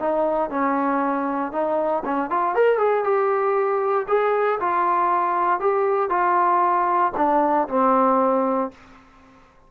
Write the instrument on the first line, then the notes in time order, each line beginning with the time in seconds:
trombone
0.00 D#4
0.50 C#4
1.52 D#4
2.05 C#4
2.30 F4
2.55 A#4
2.79 G#4
3.04 G4
4.08 G#4
4.60 F4
5.60 G4
6.10 F4
7.17 D4
7.69 C4